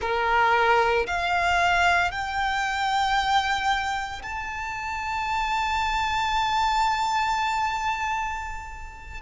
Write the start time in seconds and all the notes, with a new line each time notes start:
0.01 A#4
1.06 F5
2.11 G5
4.22 A5